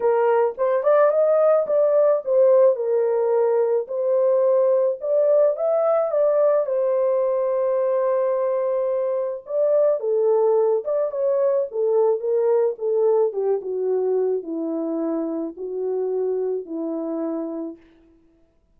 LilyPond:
\new Staff \with { instrumentName = "horn" } { \time 4/4 \tempo 4 = 108 ais'4 c''8 d''8 dis''4 d''4 | c''4 ais'2 c''4~ | c''4 d''4 e''4 d''4 | c''1~ |
c''4 d''4 a'4. d''8 | cis''4 a'4 ais'4 a'4 | g'8 fis'4. e'2 | fis'2 e'2 | }